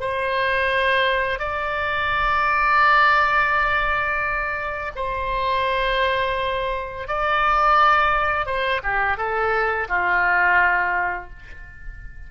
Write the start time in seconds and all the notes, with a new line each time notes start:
0.00 C5
1.39 D5
4.96 C5
7.08 D5
8.46 C5
8.83 G4
9.17 A4
9.89 F4